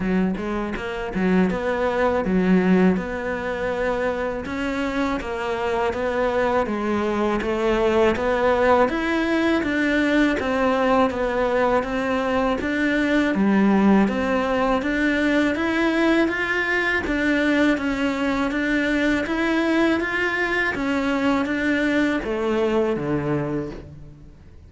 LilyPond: \new Staff \with { instrumentName = "cello" } { \time 4/4 \tempo 4 = 81 fis8 gis8 ais8 fis8 b4 fis4 | b2 cis'4 ais4 | b4 gis4 a4 b4 | e'4 d'4 c'4 b4 |
c'4 d'4 g4 c'4 | d'4 e'4 f'4 d'4 | cis'4 d'4 e'4 f'4 | cis'4 d'4 a4 d4 | }